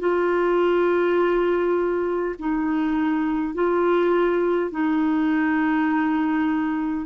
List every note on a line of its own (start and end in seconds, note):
0.00 2.35 F4
2.39 3.55 D#4
3.55 4.71 F4
4.71 7.06 D#4